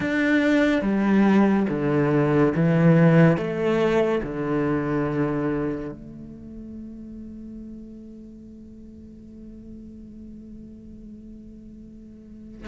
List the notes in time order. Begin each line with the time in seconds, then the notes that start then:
0.00 D4
0.81 G3
1.69 D3
2.55 E3
3.37 A3
4.23 D3
5.91 A3